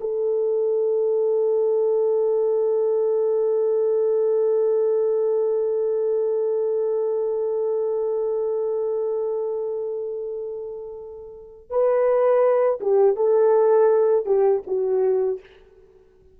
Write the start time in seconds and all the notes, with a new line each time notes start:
0.00 A4
11.70 B4
12.80 G4
13.16 A4
14.25 G4
14.67 F#4